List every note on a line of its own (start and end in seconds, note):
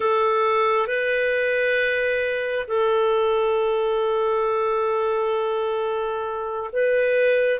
0.00 0.87 A4
0.87 2.66 B4
2.67 6.70 A4
6.72 7.59 B4